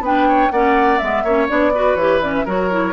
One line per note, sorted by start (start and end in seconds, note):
0.00 0.48 B3
0.00 0.52 D4
0.00 0.28 B4
0.00 0.51 G5
0.28 0.52 C#5
0.51 1.00 A#3
0.51 1.01 C#4
0.51 1.24 D5
0.51 0.98 F#5
0.98 1.23 G#3
0.98 1.26 B3
0.98 1.47 E5
1.23 1.48 A#3
1.23 1.48 C#4
1.23 1.72 C#5
1.48 1.95 B3
1.48 1.72 D4
1.48 1.95 D5
1.74 1.98 F#4
1.74 2.45 B4
1.95 2.43 E3
1.95 2.22 G4
1.95 2.19 C#5
2.21 2.46 C#4
2.21 2.33 D5
2.34 2.46 E5
2.45 2.93 F#3
2.45 2.71 F#4
2.45 2.93 A#4
2.45 2.93 C#5
2.71 2.93 E4